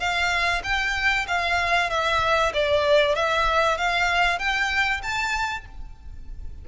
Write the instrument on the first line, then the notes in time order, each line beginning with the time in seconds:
violin
0.00 F5
0.64 G5
1.28 F5
1.90 E5
2.54 D5
3.15 E5
3.78 F5
4.39 G5
5.03 A5